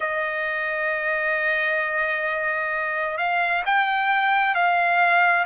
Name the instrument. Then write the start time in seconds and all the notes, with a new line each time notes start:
trumpet
0.00 D#5
3.17 F5
3.65 G5
4.55 F5